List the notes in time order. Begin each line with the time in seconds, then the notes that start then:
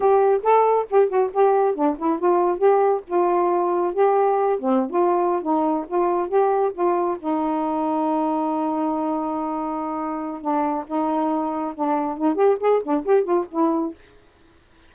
0.00 G4
0.42 A4
0.90 G4
1.08 F#4
1.33 G4
1.74 D4
1.97 E4
2.19 F4
2.58 G4
3.07 F4
3.93 G4
4.59 C4
4.90 F4
5.42 D#4
5.87 F4
6.28 G4
6.73 F4
7.19 D#4
10.41 D4
10.87 D#4
11.75 D4
12.17 D#4
12.35 G4
12.60 G#4
12.83 D4
13.05 G4
13.23 F4
13.50 E4